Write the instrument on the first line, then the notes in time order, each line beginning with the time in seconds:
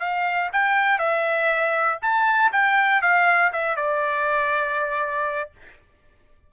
trumpet
0.00 F5
0.53 G5
0.99 E5
2.02 A5
2.52 G5
3.02 F5
3.53 E5
3.76 D5